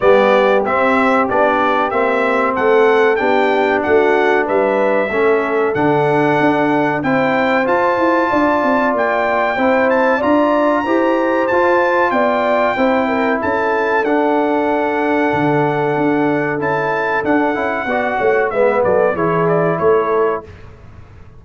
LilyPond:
<<
  \new Staff \with { instrumentName = "trumpet" } { \time 4/4 \tempo 4 = 94 d''4 e''4 d''4 e''4 | fis''4 g''4 fis''4 e''4~ | e''4 fis''2 g''4 | a''2 g''4. a''8 |
ais''2 a''4 g''4~ | g''4 a''4 fis''2~ | fis''2 a''4 fis''4~ | fis''4 e''8 d''8 cis''8 d''8 cis''4 | }
  \new Staff \with { instrumentName = "horn" } { \time 4/4 g'1 | a'4 g'4 fis'4 b'4 | a'2. c''4~ | c''4 d''2 c''4 |
d''4 c''2 d''4 | c''8 ais'8 a'2.~ | a'1 | d''8 cis''8 b'8 a'8 gis'4 a'4 | }
  \new Staff \with { instrumentName = "trombone" } { \time 4/4 b4 c'4 d'4 c'4~ | c'4 d'2. | cis'4 d'2 e'4 | f'2. e'4 |
f'4 g'4 f'2 | e'2 d'2~ | d'2 e'4 d'8 e'8 | fis'4 b4 e'2 | }
  \new Staff \with { instrumentName = "tuba" } { \time 4/4 g4 c'4 b4 ais4 | a4 b4 a4 g4 | a4 d4 d'4 c'4 | f'8 e'8 d'8 c'8 ais4 c'4 |
d'4 e'4 f'4 b4 | c'4 cis'4 d'2 | d4 d'4 cis'4 d'8 cis'8 | b8 a8 gis8 fis8 e4 a4 | }
>>